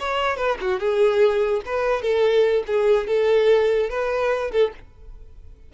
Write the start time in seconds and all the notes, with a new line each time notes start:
0.00 C#5
0.37 B4
0.61 F#4
0.80 G#4
1.66 B4
2.02 A4
2.67 G#4
3.08 A4
3.90 B4
4.52 A4